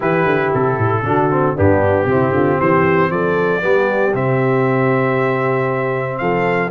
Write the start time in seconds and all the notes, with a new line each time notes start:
0.00 E3 E4 G4 B4
0.25 D3
0.53 C3 A4
0.78 A2
1.02 D3 D4 F#4
1.30 C4
1.56 G2 B3 D4 G4
2.05 C3 C4
2.11 E4
2.30 D3 F4
2.59 E3 G4 C5
3.10 F3 A4 D5
3.60 G3 B3 G4
4.13 C3 C4 E5
6.18 F3 A4 F5